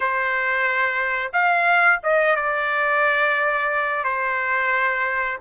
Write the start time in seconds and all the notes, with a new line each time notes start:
0.00 C5
1.32 F5
2.03 D#5
2.36 D5
4.04 C5